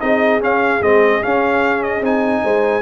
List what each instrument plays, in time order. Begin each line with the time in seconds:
0.00 tuba C4, trombone D#4, horn G#4, trumpet D#5
0.40 tuba C#4, trombone C#4, trumpet F5
0.81 tuba G#3, trombone C4, trumpet D#5
1.22 trombone C#4, tuba C#4, trumpet F5
1.83 trumpet D#5
2.01 tuba C4, trombone D#4, trumpet G#5
2.43 tuba G#3, horn C5